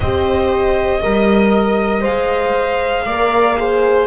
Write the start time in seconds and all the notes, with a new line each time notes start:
0.00 C4 G4 C5 D#5
1.00 G3 A#4 D#5
2.01 G#3 C5 F5
3.05 A#3 A#4 D5
3.57 G#4 C5